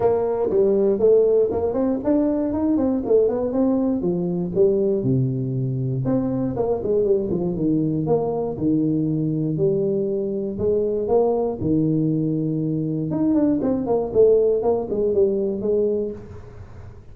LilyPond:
\new Staff \with { instrumentName = "tuba" } { \time 4/4 \tempo 4 = 119 ais4 g4 a4 ais8 c'8 | d'4 dis'8 c'8 a8 b8 c'4 | f4 g4 c2 | c'4 ais8 gis8 g8 f8 dis4 |
ais4 dis2 g4~ | g4 gis4 ais4 dis4~ | dis2 dis'8 d'8 c'8 ais8 | a4 ais8 gis8 g4 gis4 | }